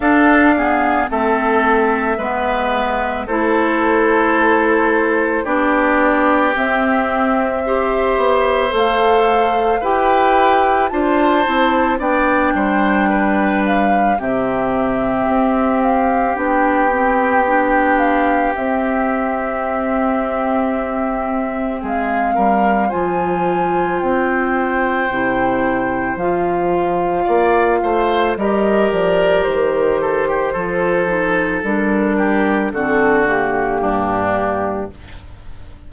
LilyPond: <<
  \new Staff \with { instrumentName = "flute" } { \time 4/4 \tempo 4 = 55 f''4 e''2 c''4~ | c''4 d''4 e''2 | f''4 g''4 a''4 g''4~ | g''8 f''8 e''4. f''8 g''4~ |
g''8 f''8 e''2. | f''4 gis''4 g''2 | f''2 dis''8 d''8 c''4~ | c''4 ais'4 a'8 g'4. | }
  \new Staff \with { instrumentName = "oboe" } { \time 4/4 a'8 gis'8 a'4 b'4 a'4~ | a'4 g'2 c''4~ | c''4 b'4 c''4 d''8 c''8 | b'4 g'2.~ |
g'1 | gis'8 ais'8 c''2.~ | c''4 d''8 c''8 ais'4. a'16 g'16 | a'4. g'8 fis'4 d'4 | }
  \new Staff \with { instrumentName = "clarinet" } { \time 4/4 d'8 b8 c'4 b4 e'4~ | e'4 d'4 c'4 g'4 | a'4 g'4 f'8 e'8 d'4~ | d'4 c'2 d'8 c'8 |
d'4 c'2.~ | c'4 f'2 e'4 | f'2 g'2 | f'8 dis'8 d'4 c'8 ais4. | }
  \new Staff \with { instrumentName = "bassoon" } { \time 4/4 d'4 a4 gis4 a4~ | a4 b4 c'4. b8 | a4 e'4 d'8 c'8 b8 g8~ | g4 c4 c'4 b4~ |
b4 c'2. | gis8 g8 f4 c'4 c4 | f4 ais8 a8 g8 f8 dis4 | f4 g4 d4 g,4 | }
>>